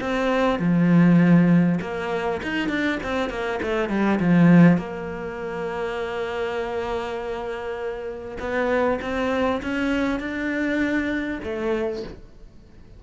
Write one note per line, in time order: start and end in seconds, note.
0.00 0.59 C4
0.59 1.79 F3
1.81 2.41 A#3
2.42 2.68 D#4
2.68 2.98 D4
3.03 3.29 C4
3.29 3.59 A#3
3.62 3.89 A3
3.89 4.19 G3
4.19 4.77 F3
4.77 8.37 A#3
8.39 8.99 B3
9.01 9.61 C4
9.62 10.19 C#4
10.19 11.39 D4
11.43 12.03 A3